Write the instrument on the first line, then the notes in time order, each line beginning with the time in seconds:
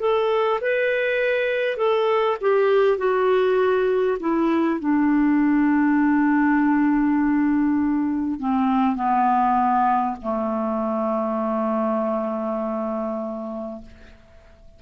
clarinet
0.00 A4
0.61 B4
1.77 A4
2.41 G4
2.98 F#4
4.19 E4
4.79 D4
8.39 C4
8.96 B3
10.22 A3